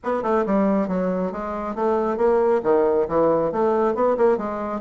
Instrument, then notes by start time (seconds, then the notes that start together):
bassoon
0.03 B3
0.22 A3
0.45 G3
0.88 F#3
1.32 G#3
1.75 A3
2.17 A#3
2.63 D#3
3.08 E3
3.52 A3
3.94 B3
4.17 A#3
4.37 G#3